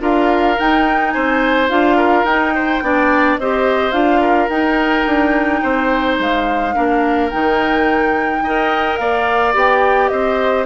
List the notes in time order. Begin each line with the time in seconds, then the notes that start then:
0.00 D4 F4 A#4 F5
0.59 D#4 G5
1.11 C4 C5 G#5
1.69 D4 F4 F5
1.96 A#4
2.24 D#4 G5
2.55 C5
2.81 B3 D4 D5
3.38 C4 G4 C5 D#5
3.92 D4 F4 F5
4.20 A#4
4.48 D#4 G5
5.06 D4
5.62 C4 C5
6.19 G#3 F5
6.74 A#3 D4 A#4
7.30 D#3 D#4 G5
8.42 D#4 A#4 D#5
8.96 A#3 D5 F5
9.53 B3 G4 G5
10.08 C4 C5 D#5